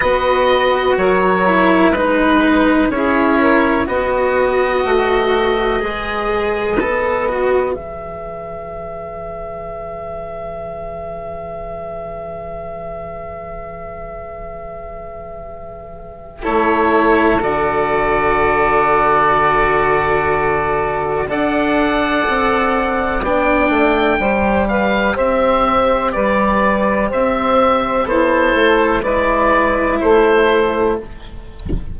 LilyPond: <<
  \new Staff \with { instrumentName = "oboe" } { \time 4/4 \tempo 4 = 62 dis''4 cis''4 b'4 cis''4 | dis''1 | e''1~ | e''1~ |
e''4 cis''4 d''2~ | d''2 fis''2 | g''4. f''8 e''4 d''4 | e''4 c''4 d''4 c''4 | }
  \new Staff \with { instrumentName = "saxophone" } { \time 4/4 b'4 ais'4 b'4 gis'8 ais'8 | b'1~ | b'1~ | b'1~ |
b'4 a'2.~ | a'2 d''2~ | d''4 c''8 b'8 c''4 b'4 | c''4 e'4 b'4 a'4 | }
  \new Staff \with { instrumentName = "cello" } { \time 4/4 fis'4. e'8 dis'4 e'4 | fis'2 gis'4 a'8 fis'8 | gis'1~ | gis'1~ |
gis'4 e'4 fis'2~ | fis'2 a'2 | d'4 g'2.~ | g'4 a'4 e'2 | }
  \new Staff \with { instrumentName = "bassoon" } { \time 4/4 b4 fis4 gis4 cis'4 | b4 a4 gis4 b4 | e1~ | e1~ |
e4 a4 d2~ | d2 d'4 c'4 | b8 a8 g4 c'4 g4 | c'4 b8 a8 gis4 a4 | }
>>